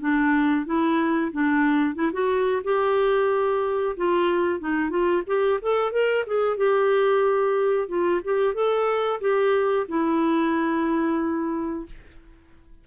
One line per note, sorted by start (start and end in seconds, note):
0.00 0.65 D4
0.65 1.31 E4
1.32 1.95 D4
1.95 2.11 E4
2.12 2.62 F#4
2.64 3.96 G4
3.96 4.59 F4
4.59 4.89 D#4
4.89 5.22 F4
5.26 5.59 G4
5.62 5.92 A4
5.92 6.25 A#4
6.26 6.57 G#4
6.57 7.88 G4
7.88 8.21 F4
8.24 8.54 G4
8.54 9.20 A4
9.20 9.86 G4
9.88 11.86 E4